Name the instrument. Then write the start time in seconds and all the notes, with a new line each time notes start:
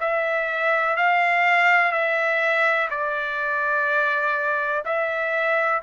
trumpet
0.00 E5
0.97 F5
1.92 E5
2.90 D5
4.85 E5